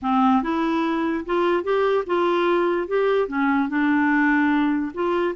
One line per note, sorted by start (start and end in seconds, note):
0.02 0.42 C4
0.42 1.24 E4
1.25 1.63 F4
1.63 2.04 G4
2.06 2.87 F4
2.87 3.27 G4
3.27 3.68 C#4
3.68 4.92 D4
4.94 5.35 F4